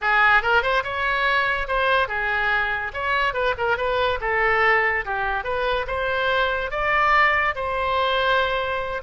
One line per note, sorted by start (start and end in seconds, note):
0.01 0.42 G#4
0.42 0.62 A#4
0.62 0.83 C5
0.83 1.67 C#5
1.67 2.08 C5
2.08 2.92 G#4
2.93 3.33 C#5
3.33 3.54 B4
3.57 3.77 A#4
3.77 4.19 B4
4.20 5.04 A4
5.05 5.43 G4
5.43 5.85 B4
5.87 6.71 C5
6.71 7.54 D5
7.55 9.02 C5